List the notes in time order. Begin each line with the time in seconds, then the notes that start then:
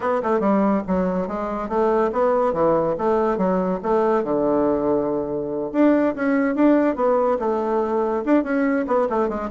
0.00 B3
0.22 A3
0.39 G3
0.87 F#3
1.27 G#3
1.68 A3
2.12 B3
2.53 E3
2.98 A3
3.37 F#3
3.82 A3
4.23 D3
5.72 D4
6.15 C#4
6.55 D4
6.95 B3
7.39 A3
8.25 D4
8.43 C#4
8.87 B3
9.09 A3
9.28 G#3